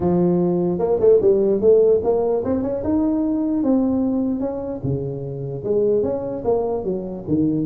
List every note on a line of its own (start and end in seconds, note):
0.00 0.78 F3
0.78 0.98 A#3
0.99 1.20 A3
1.21 1.61 G3
1.61 2.01 A3
2.03 2.43 A#3
2.44 2.62 C4
2.62 2.82 C#4
2.83 3.63 D#4
3.63 4.40 C4
4.40 4.80 C#4
4.83 5.63 C#3
5.63 6.03 G#3
6.03 6.43 C#4
6.44 6.84 A#3
6.84 7.24 F#3
7.27 7.66 D#3